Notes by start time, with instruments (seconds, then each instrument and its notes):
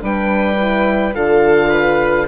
0.00 bassoon G3, horn D4, viola B4, oboe G5
0.57 horn E4
1.15 bassoon D3, horn F4, viola A4, oboe F5
1.69 viola B4